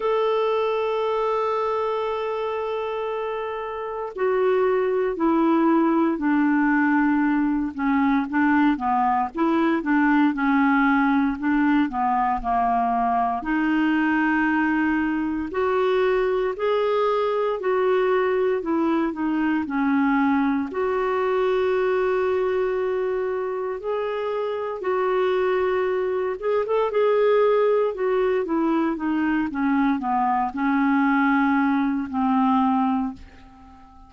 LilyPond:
\new Staff \with { instrumentName = "clarinet" } { \time 4/4 \tempo 4 = 58 a'1 | fis'4 e'4 d'4. cis'8 | d'8 b8 e'8 d'8 cis'4 d'8 b8 | ais4 dis'2 fis'4 |
gis'4 fis'4 e'8 dis'8 cis'4 | fis'2. gis'4 | fis'4. gis'16 a'16 gis'4 fis'8 e'8 | dis'8 cis'8 b8 cis'4. c'4 | }